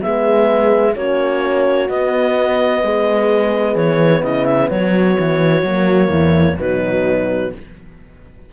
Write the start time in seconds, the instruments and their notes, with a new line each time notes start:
0.00 cello G#3, horn B3 G#4, clarinet E5
0.95 cello A#3, horn C#4 F#4, clarinet C#5
1.88 horn B3, cello B3, clarinet D#5
2.82 cello G#3, horn G#4
3.75 cello E3, clarinet C#5
4.22 cello C#3, horn E4, clarinet D#5
4.45 clarinet E5
4.70 cello F#3, horn F#4, clarinet C#5
5.19 cello E3
5.62 cello F#3, horn A#3
6.08 cello E2, horn E4
6.58 cello B2, horn F#3 D#4, clarinet B4